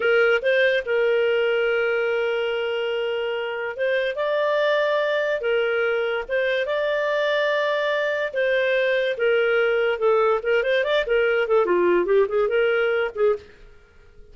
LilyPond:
\new Staff \with { instrumentName = "clarinet" } { \time 4/4 \tempo 4 = 144 ais'4 c''4 ais'2~ | ais'1~ | ais'4 c''4 d''2~ | d''4 ais'2 c''4 |
d''1 | c''2 ais'2 | a'4 ais'8 c''8 d''8 ais'4 a'8 | f'4 g'8 gis'8 ais'4. gis'8 | }